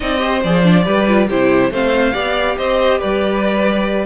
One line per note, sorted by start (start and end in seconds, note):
0.00 0.43 C4
0.00 0.18 D#4
0.00 0.19 D5
0.00 0.42 D#5
0.18 0.39 G4
0.18 0.83 C5
0.43 0.86 F3
0.43 0.63 G#4
0.43 1.29 D5
0.63 0.84 D4
0.84 1.29 G3
0.84 1.05 G4
0.84 1.27 B4
1.07 1.28 F4
1.27 1.70 C3
1.27 1.72 E4
1.27 1.70 G4
1.27 1.73 C5
1.70 2.13 A3
1.70 2.13 C4
1.70 2.13 C5
1.70 2.57 F5
2.13 2.57 B3
2.13 4.06 G4
2.13 2.56 D5
2.57 3.01 C4
2.57 2.98 C5
2.57 3.00 D#5
2.98 4.06 G3
2.98 4.05 B4
2.98 4.06 D5